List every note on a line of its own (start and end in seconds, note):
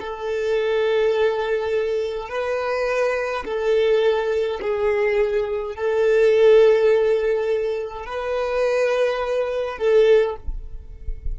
0.00 2.29 A4
2.29 3.45 B4
3.45 4.60 A4
4.62 5.75 G#4
5.75 8.06 A4
8.06 9.78 B4
9.78 10.36 A4